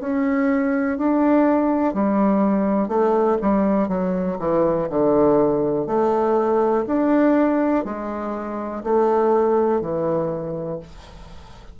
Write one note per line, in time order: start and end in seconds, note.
0.00 0.98 C#4
0.98 1.94 D4
1.94 2.88 G3
2.88 3.37 A3
3.41 3.88 G3
3.88 4.37 F#3
4.39 4.88 E3
4.90 5.87 D3
5.87 6.85 A3
6.87 7.84 D4
7.84 8.83 G#3
8.83 9.81 A3
9.81 10.79 E3